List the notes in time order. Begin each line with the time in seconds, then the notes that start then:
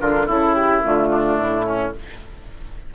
0.00 D3 D4 F4 A#4
0.26 C#3 E4 A4
0.54 G4
0.82 D3 A3 F4
1.10 D4
1.37 A2 E4
1.65 C#4